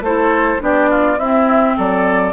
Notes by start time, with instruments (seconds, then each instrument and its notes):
0.00 bassoon A3, clarinet E4, oboe A4, flute C5
0.59 bassoon B3, clarinet D4, oboe G4, flute D5
0.90 oboe F4
1.18 bassoon C4, clarinet C4, oboe E4, flute E5
1.77 bassoon F#3, oboe A4, flute D5